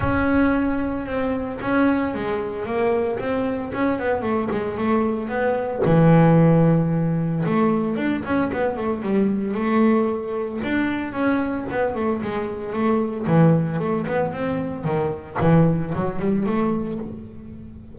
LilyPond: \new Staff \with { instrumentName = "double bass" } { \time 4/4 \tempo 4 = 113 cis'2 c'4 cis'4 | gis4 ais4 c'4 cis'8 b8 | a8 gis8 a4 b4 e4~ | e2 a4 d'8 cis'8 |
b8 a8 g4 a2 | d'4 cis'4 b8 a8 gis4 | a4 e4 a8 b8 c'4 | dis4 e4 fis8 g8 a4 | }